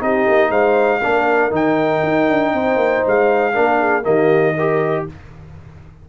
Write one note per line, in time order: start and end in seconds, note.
0.00 0.26 C4
0.00 1.01 D#4
0.00 0.50 G4
0.00 0.51 D#5
0.28 0.50 A#3
0.50 1.01 G#3
0.50 1.01 C5
0.50 1.52 F5
1.03 1.51 A#3
1.03 1.51 D4
1.03 2.53 A#4
1.51 2.02 D#3
1.51 3.52 D#4
1.51 3.07 G5
2.03 2.28 D#4
2.28 2.53 D4
2.53 2.76 C4
2.53 3.54 C5
2.76 3.01 A#3
3.07 3.56 G#3
3.07 4.04 F5
3.53 4.06 A#3
3.53 4.02 D4
3.53 3.79 A#4
3.79 4.04 G#4
4.02 5.07 D#3
4.02 4.53 A#3
4.02 4.55 G4
4.02 5.05 D#5
4.55 5.09 G4
4.55 5.05 A#4